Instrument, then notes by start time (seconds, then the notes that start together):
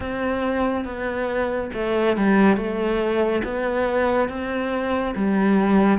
cello
0.00 C4
0.85 B3
1.73 A3
2.16 G3
2.56 A3
3.44 B3
4.28 C4
5.15 G3